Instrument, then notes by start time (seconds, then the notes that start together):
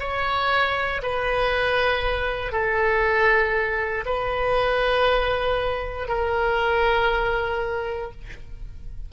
oboe
0.00 C#5
1.03 B4
2.52 A4
4.06 B4
6.09 A#4